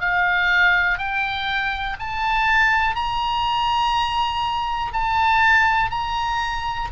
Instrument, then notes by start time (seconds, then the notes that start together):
oboe
0.00 F5
0.98 G5
1.99 A5
2.95 A#5
4.93 A5
5.90 A#5